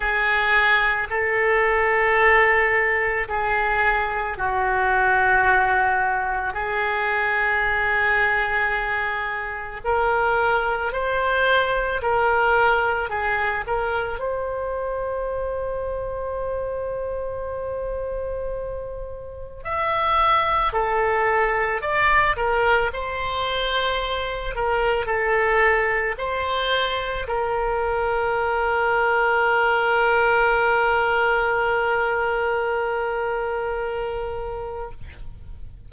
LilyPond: \new Staff \with { instrumentName = "oboe" } { \time 4/4 \tempo 4 = 55 gis'4 a'2 gis'4 | fis'2 gis'2~ | gis'4 ais'4 c''4 ais'4 | gis'8 ais'8 c''2.~ |
c''2 e''4 a'4 | d''8 ais'8 c''4. ais'8 a'4 | c''4 ais'2.~ | ais'1 | }